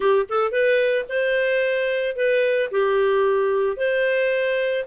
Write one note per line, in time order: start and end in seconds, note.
0.00 0.26 G4
0.29 0.51 A4
0.51 1.05 B4
1.08 2.16 C5
2.16 2.70 B4
2.71 3.76 G4
3.76 4.84 C5